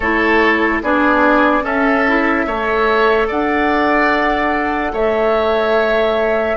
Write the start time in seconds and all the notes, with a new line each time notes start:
0.00 A3 E4 A4 C#5
0.82 B3 D4 G#4 D5
1.62 C#4 A4 E5
2.08 E4
2.46 A3 A4 C#5
3.27 D4 D5 F#5
4.92 A3 C#5 E5